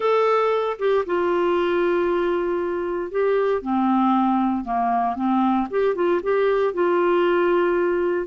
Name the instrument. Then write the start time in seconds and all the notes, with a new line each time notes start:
clarinet
0.00 A4
0.79 G4
1.06 F4
3.11 G4
3.61 C4
4.64 A#3
5.15 C4
5.70 G4
5.95 F4
6.22 G4
6.73 F4